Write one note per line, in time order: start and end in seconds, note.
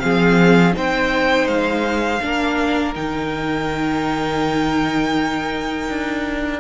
0.00 0.77 F3
0.00 0.73 C4
0.00 0.76 G#4
0.00 0.73 F5
0.73 1.47 C4
0.73 2.20 D#4
0.73 2.22 C5
0.73 1.48 G5
1.47 2.20 G#3
1.47 2.95 F5
2.22 2.96 A#3
2.22 2.95 D4
2.22 6.60 A#4
2.95 5.89 D#3
2.95 6.60 D#4
2.95 6.60 G5
5.89 6.60 D4